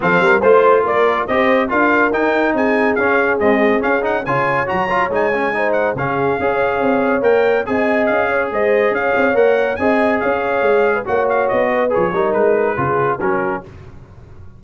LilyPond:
<<
  \new Staff \with { instrumentName = "trumpet" } { \time 4/4 \tempo 4 = 141 f''4 c''4 d''4 dis''4 | f''4 g''4 gis''4 f''4 | dis''4 f''8 fis''8 gis''4 ais''4 | gis''4. fis''8 f''2~ |
f''4 g''4 gis''4 f''4 | dis''4 f''4 fis''4 gis''4 | f''2 fis''8 f''8 dis''4 | cis''4 b'2 ais'4 | }
  \new Staff \with { instrumentName = "horn" } { \time 4/4 a'8 ais'8 c''4 ais'4 c''4 | ais'2 gis'2~ | gis'2 cis''2~ | cis''4 c''4 gis'4 cis''4~ |
cis''2 dis''4. cis''8 | c''4 cis''2 dis''4 | cis''4.~ cis''16 b'16 cis''4. b'8~ | b'8 ais'4. gis'4 fis'4 | }
  \new Staff \with { instrumentName = "trombone" } { \time 4/4 c'4 f'2 g'4 | f'4 dis'2 cis'4 | gis4 cis'8 dis'8 f'4 fis'8 f'8 | dis'8 cis'8 dis'4 cis'4 gis'4~ |
gis'4 ais'4 gis'2~ | gis'2 ais'4 gis'4~ | gis'2 fis'2 | gis'8 dis'4. f'4 cis'4 | }
  \new Staff \with { instrumentName = "tuba" } { \time 4/4 f8 g8 a4 ais4 c'4 | d'4 dis'4 c'4 cis'4 | c'4 cis'4 cis4 fis4 | gis2 cis4 cis'4 |
c'4 ais4 c'4 cis'4 | gis4 cis'8 c'8 ais4 c'4 | cis'4 gis4 ais4 b4 | f8 g8 gis4 cis4 fis4 | }
>>